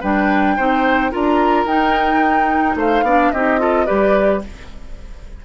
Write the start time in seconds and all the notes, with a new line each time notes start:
0.00 G3 D4 B4 G5
0.56 C4 D#4 C5
1.11 D4 F4 A#4 A#5
1.65 D#4 G5
2.75 A3 C5 F5
3.02 B3 D4 D5
3.31 C4 D#4 G4 D#5
3.59 F4 A4
3.86 G3 G4 B4 D5